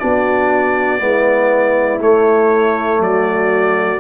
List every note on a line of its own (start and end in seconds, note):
0.00 1.01 B3
0.00 0.99 D4
0.00 1.01 F#4
0.00 2.00 D5
0.99 2.01 G#3
0.99 1.99 B3
0.99 3.01 E4
2.01 3.00 A3
2.01 4.00 A3
2.01 3.02 C#5
3.00 4.00 F#3
3.00 4.00 F#4
3.00 4.00 D5